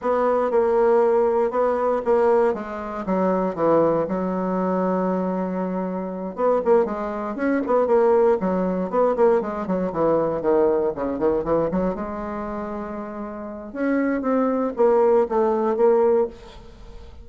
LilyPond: \new Staff \with { instrumentName = "bassoon" } { \time 4/4 \tempo 4 = 118 b4 ais2 b4 | ais4 gis4 fis4 e4 | fis1~ | fis8 b8 ais8 gis4 cis'8 b8 ais8~ |
ais8 fis4 b8 ais8 gis8 fis8 e8~ | e8 dis4 cis8 dis8 e8 fis8 gis8~ | gis2. cis'4 | c'4 ais4 a4 ais4 | }